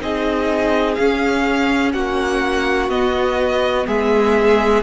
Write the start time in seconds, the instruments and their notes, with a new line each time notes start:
0.00 cello C4, viola D#4, violin G#4 D#5
0.95 viola C#4, cello C#4, violin F5
1.93 cello A#3, violin F#4 F#5
2.89 cello B3, viola B3, violin D#5
3.87 cello G#3, violin G#4 E5